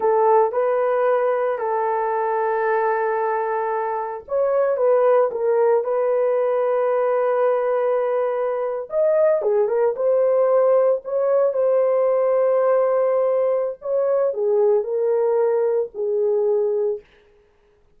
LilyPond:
\new Staff \with { instrumentName = "horn" } { \time 4/4 \tempo 4 = 113 a'4 b'2 a'4~ | a'1 | cis''4 b'4 ais'4 b'4~ | b'1~ |
b'8. dis''4 gis'8 ais'8 c''4~ c''16~ | c''8. cis''4 c''2~ c''16~ | c''2 cis''4 gis'4 | ais'2 gis'2 | }